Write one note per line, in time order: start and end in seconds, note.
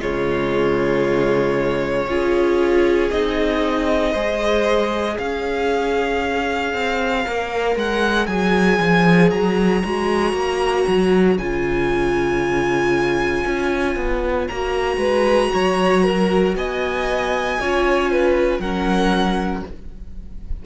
0.00 2.07 C#3
0.00 2.08 G#3
0.00 2.07 F4
0.00 3.11 C#5
2.07 3.11 C#4
2.07 3.11 F4
2.07 4.12 G#4
3.11 4.15 C4
3.11 4.15 D#4
3.11 5.18 D#5
4.12 5.18 G#3
4.12 7.25 G#4
4.12 5.14 C5
5.14 6.74 C#4
5.14 14.97 C#5
5.14 7.77 F5
6.74 7.25 C4
7.26 7.76 A#3
7.26 8.28 A#4
7.76 8.28 G#3
7.76 8.27 F#5
8.27 8.79 F#3
8.27 9.83 G#4
8.27 9.30 G#5
8.81 9.32 F3
9.31 9.84 F#3
9.31 11.37 A#5
9.84 10.33 G#3
9.84 11.40 F#4
10.33 10.85 A#3
10.88 11.37 F#3
11.37 13.44 C#3
11.37 14.51 F4
11.37 14.48 G#5
13.47 13.96 C#4
13.96 14.48 B3
14.48 14.97 A#3
14.48 17.61 F#4
14.48 16.55 A#5
14.97 15.49 G#3
14.97 15.51 B4
15.54 16.55 F#3
15.54 16.04 C#5
16.04 16.56 A#4
16.55 17.59 B3
16.55 17.61 D#5
16.55 18.60 G#5
17.61 18.59 C#4
17.61 18.62 F4
17.61 18.12 C#5
18.12 18.61 B4
18.59 19.63 F#3
18.59 19.66 C#4
18.59 19.65 A#4
18.59 19.63 F#5